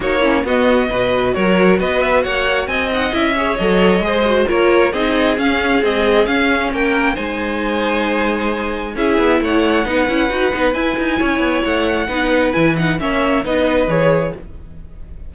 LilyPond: <<
  \new Staff \with { instrumentName = "violin" } { \time 4/4 \tempo 4 = 134 cis''4 dis''2 cis''4 | dis''8 e''8 fis''4 gis''8 fis''8 e''4 | dis''2 cis''4 dis''4 | f''4 dis''4 f''4 g''4 |
gis''1 | e''4 fis''2. | gis''2 fis''2 | gis''8 fis''8 e''4 dis''4 cis''4 | }
  \new Staff \with { instrumentName = "violin" } { \time 4/4 fis'8 e'8 fis'4 b'4 ais'4 | b'4 cis''4 dis''4. cis''8~ | cis''4 c''4 ais'4 gis'4~ | gis'2. ais'4 |
c''1 | gis'4 cis''4 b'2~ | b'4 cis''2 b'4~ | b'4 cis''4 b'2 | }
  \new Staff \with { instrumentName = "viola" } { \time 4/4 dis'8 cis'8 b4 fis'2~ | fis'2~ fis'8 dis'8 e'8 gis'8 | a'4 gis'8 fis'8 f'4 dis'4 | cis'4 gis4 cis'2 |
dis'1 | e'2 dis'8 e'8 fis'8 dis'8 | e'2. dis'4 | e'8 dis'8 cis'4 dis'4 gis'4 | }
  \new Staff \with { instrumentName = "cello" } { \time 4/4 ais4 b4 b,4 fis4 | b4 ais4 c'4 cis'4 | fis4 gis4 ais4 c'4 | cis'4 c'4 cis'4 ais4 |
gis1 | cis'8 b8 a4 b8 cis'8 dis'8 b8 | e'8 dis'8 cis'8 b8 a4 b4 | e4 ais4 b4 e4 | }
>>